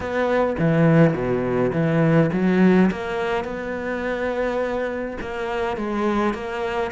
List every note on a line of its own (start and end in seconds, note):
0.00 0.56 B3
0.58 1.13 E3
1.13 1.71 B2
1.73 2.30 E3
2.32 2.90 F#3
2.91 3.44 A#3
3.44 5.17 B3
5.21 5.77 A#3
5.77 6.34 G#3
6.34 6.91 A#3